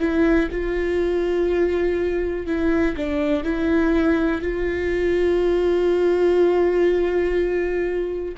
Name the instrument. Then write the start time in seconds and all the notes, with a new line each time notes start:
viola
0.00 E4
0.52 F4
2.47 E4
2.97 D4
3.44 E4
4.42 F4